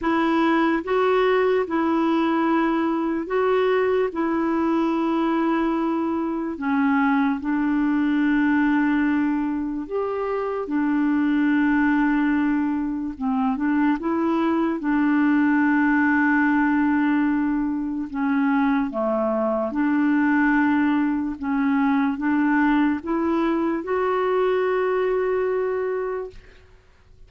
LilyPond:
\new Staff \with { instrumentName = "clarinet" } { \time 4/4 \tempo 4 = 73 e'4 fis'4 e'2 | fis'4 e'2. | cis'4 d'2. | g'4 d'2. |
c'8 d'8 e'4 d'2~ | d'2 cis'4 a4 | d'2 cis'4 d'4 | e'4 fis'2. | }